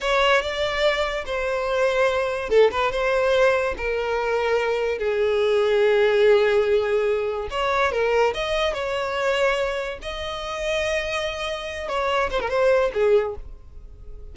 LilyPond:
\new Staff \with { instrumentName = "violin" } { \time 4/4 \tempo 4 = 144 cis''4 d''2 c''4~ | c''2 a'8 b'8 c''4~ | c''4 ais'2. | gis'1~ |
gis'2 cis''4 ais'4 | dis''4 cis''2. | dis''1~ | dis''8 cis''4 c''16 ais'16 c''4 gis'4 | }